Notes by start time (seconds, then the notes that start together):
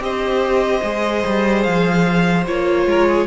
0.00 C4 G4 C5 D#5
0.83 G#3 G#4
1.26 G3
1.63 F3 F5
2.47 A#3 F4 C#5
2.86 G#3 A#4
3.07 G#4